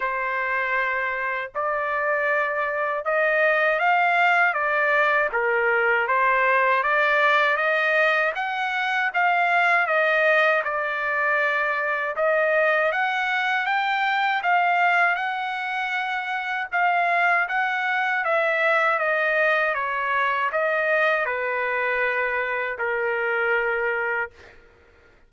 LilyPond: \new Staff \with { instrumentName = "trumpet" } { \time 4/4 \tempo 4 = 79 c''2 d''2 | dis''4 f''4 d''4 ais'4 | c''4 d''4 dis''4 fis''4 | f''4 dis''4 d''2 |
dis''4 fis''4 g''4 f''4 | fis''2 f''4 fis''4 | e''4 dis''4 cis''4 dis''4 | b'2 ais'2 | }